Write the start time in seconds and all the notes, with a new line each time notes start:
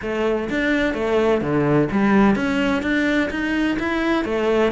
0.02 A3
0.49 D4
0.94 A3
1.41 D3
1.91 G3
2.35 C#4
2.82 D4
3.30 D#4
3.79 E4
4.24 A3